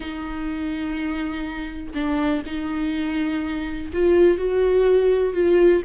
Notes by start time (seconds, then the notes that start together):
0.00 D#4
1.94 D4
2.45 D#4
3.93 F4
4.37 F#4
5.33 F4